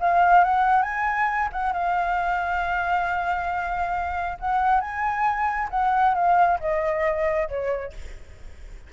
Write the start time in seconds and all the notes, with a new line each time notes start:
0.00 F5
0.44 F#5
0.82 G#5
1.52 F#5
1.73 F5
4.40 F#5
4.80 G#5
5.70 F#5
6.14 F5
6.60 D#5
7.49 C#5